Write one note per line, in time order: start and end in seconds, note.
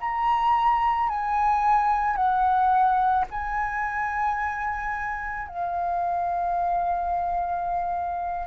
0.00 1.09 A#5
1.09 2.16 G#5
2.16 3.25 F#5
3.30 5.47 G#5
5.47 8.47 F5